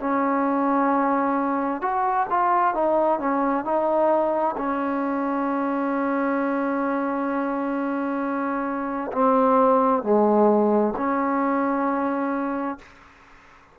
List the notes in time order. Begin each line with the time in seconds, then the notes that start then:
0.00 C#4
1.81 F#4
2.30 F4
2.75 D#4
3.20 C#4
3.65 D#4
4.57 C#4
9.13 C4
10.03 G#3
10.97 C#4